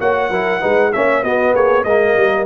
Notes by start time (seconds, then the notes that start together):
0.00 A#3 F#4 C#5 F#5
0.30 F#3 E4 A#4
0.61 G#3 D#4 B4
0.93 A#3 C#4 C#5 E5
1.23 B3 F#4 D#5
1.54 A#3 G#4 C#5
1.84 G#3 A#3 A#4 D#5
2.17 G3